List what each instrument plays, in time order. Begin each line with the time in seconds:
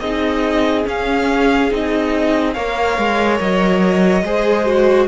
0.00 cello C4, viola D#4, violin G#4 D#5
0.85 viola C#4, cello C#4, violin F5
1.71 cello C4, viola D#4, violin D#5
2.54 cello A#3, viola A#4, violin C#5 F5
2.98 cello G#3
3.41 cello F#3, violin D#5
4.23 cello G#3, viola G#4, violin C5
4.66 viola F#4